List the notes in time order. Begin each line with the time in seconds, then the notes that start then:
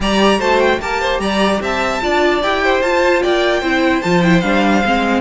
0.00 G3 G4 D5 A#5
0.38 A3 F#4 C5 A5
0.60 G5
0.79 A#3 G4 A#4 A5
1.01 C5
1.19 G3 D5 A#5
1.60 C4 E5 A5
2.01 D4 F4 D5
2.42 E4 G4 G5
2.63 C5
2.82 F4 A5
3.22 A#3 D5 G5
3.60 C4 E4 C5
4.01 F3 F4 A5
4.23 E4 G5
4.41 G3 D4 F5
4.84 G#3 C4